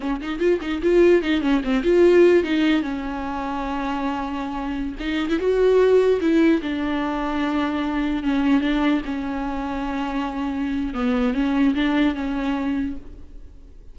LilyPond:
\new Staff \with { instrumentName = "viola" } { \time 4/4 \tempo 4 = 148 cis'8 dis'8 f'8 dis'8 f'4 dis'8 cis'8 | c'8 f'4. dis'4 cis'4~ | cis'1~ | cis'16 dis'8. e'16 fis'2 e'8.~ |
e'16 d'2.~ d'8.~ | d'16 cis'4 d'4 cis'4.~ cis'16~ | cis'2. b4 | cis'4 d'4 cis'2 | }